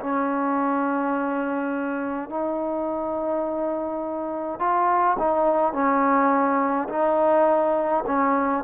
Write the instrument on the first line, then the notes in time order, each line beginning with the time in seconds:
trombone
0.00 C#4
2.29 D#4
4.59 F4
5.19 D#4
5.73 C#4
6.89 D#4
8.07 C#4